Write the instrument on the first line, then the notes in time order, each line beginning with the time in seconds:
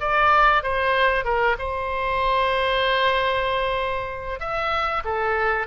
oboe
0.00 D5
0.63 C5
1.24 A#4
1.58 C5
4.40 E5
5.04 A4